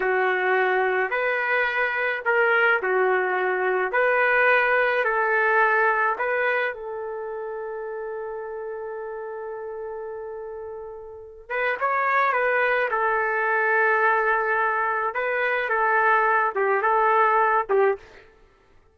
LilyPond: \new Staff \with { instrumentName = "trumpet" } { \time 4/4 \tempo 4 = 107 fis'2 b'2 | ais'4 fis'2 b'4~ | b'4 a'2 b'4 | a'1~ |
a'1~ | a'8 b'8 cis''4 b'4 a'4~ | a'2. b'4 | a'4. g'8 a'4. g'8 | }